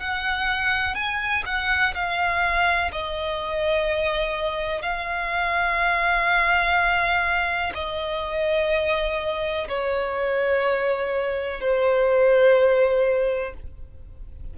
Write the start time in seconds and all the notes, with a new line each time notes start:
0.00 F#5
0.95 G#5
1.46 F#5
1.94 F5
2.92 D#5
4.82 F5
7.75 D#5
9.69 C#5
11.60 C5